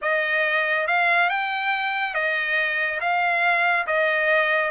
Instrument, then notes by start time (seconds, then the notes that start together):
trumpet
0.01 D#5
0.87 F5
1.29 G5
2.14 D#5
3.00 F5
3.86 D#5